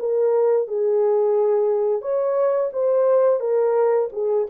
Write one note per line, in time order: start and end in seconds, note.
0.00 0.68 A#4
0.68 2.02 G#4
2.02 2.71 C#5
2.73 3.40 C5
3.40 4.09 A#4
4.13 4.47 G#4